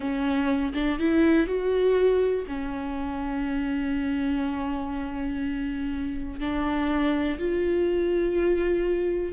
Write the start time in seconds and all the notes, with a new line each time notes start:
0.00 C#4
0.74 D4
0.98 E4
1.46 F#4
2.47 C#4
6.39 D4
7.38 F4